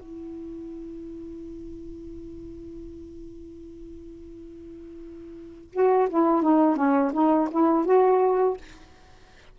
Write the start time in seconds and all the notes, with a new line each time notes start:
0.00 E4
5.73 F#4
6.10 E4
6.43 D#4
6.76 C#4
7.13 D#4
7.52 E4
7.86 F#4